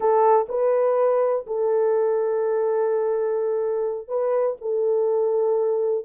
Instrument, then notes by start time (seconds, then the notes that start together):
horn
0.00 A4
0.48 B4
1.46 A4
4.08 B4
4.61 A4